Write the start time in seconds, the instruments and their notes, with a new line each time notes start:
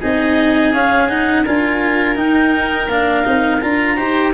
0.00 tuba C4, cello D#4, oboe G#4, clarinet D#5
0.74 cello C#4, tuba C#4, clarinet F5
1.09 cello D#4, clarinet F#5
1.45 tuba D4, cello F4, oboe A#4, clarinet G#5
2.16 cello D#4, tuba D#4, clarinet G5
2.89 tuba A#3, cello D4, clarinet F5
3.25 tuba C4, cello D#4
3.61 tuba D4, cello F4, clarinet A#5
3.96 tuba D#4, cello G4, oboe C5